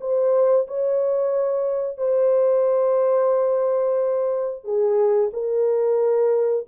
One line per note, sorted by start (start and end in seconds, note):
0.00 0.67 C5
0.67 1.97 C#5
1.97 4.64 C5
4.64 5.30 G#4
5.32 6.66 A#4